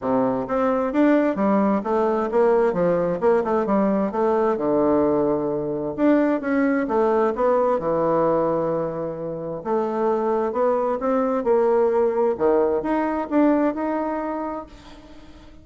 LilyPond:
\new Staff \with { instrumentName = "bassoon" } { \time 4/4 \tempo 4 = 131 c4 c'4 d'4 g4 | a4 ais4 f4 ais8 a8 | g4 a4 d2~ | d4 d'4 cis'4 a4 |
b4 e2.~ | e4 a2 b4 | c'4 ais2 dis4 | dis'4 d'4 dis'2 | }